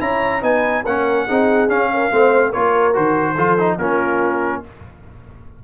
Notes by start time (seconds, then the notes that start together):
0.00 C#4 E4 C#5 A#5
0.42 B3 D#4 B4 G#5
0.85 A#3 C#4 A#4 F#5
1.27 C4 D#4 G#4
1.69 C#4 F5
1.93 A#4
2.12 A3 C4 C5
2.50 A#3 F4 A#4 C#5
2.94 D#3 F#4 C5
3.36 F3 F4 A4
3.59 D#4
3.78 A#3 C#4 F4 A#4